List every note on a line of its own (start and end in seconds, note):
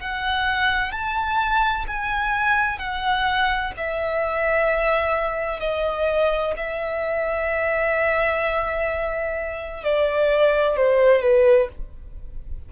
0.00 0.92 F#5
0.92 1.85 A5
1.87 2.78 G#5
2.78 3.72 F#5
3.77 5.60 E5
5.60 6.54 D#5
6.57 9.84 E5
9.84 10.76 D5
10.76 11.22 C5
11.22 11.69 B4